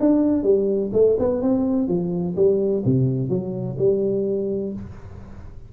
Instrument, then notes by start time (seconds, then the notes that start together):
tuba
0.00 D4
0.43 G3
0.93 A3
1.19 B3
1.42 C4
1.88 F3
2.36 G3
2.85 C3
3.29 F#3
3.78 G3